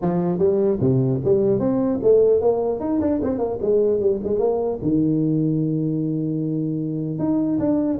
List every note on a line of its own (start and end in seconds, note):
0.01 0.38 F3
0.38 0.78 G3
0.80 1.20 C3
1.24 1.59 G3
1.59 1.99 C4
2.03 2.40 A3
2.40 2.80 A#3
2.80 3.00 D#4
3.00 3.20 D4
3.23 3.38 C4
3.38 3.58 A#3
3.61 3.99 G#3
3.99 4.19 G3
4.23 4.39 G#3
4.39 4.79 A#3
4.81 7.19 D#3
7.19 7.59 D#4
7.59 7.99 D4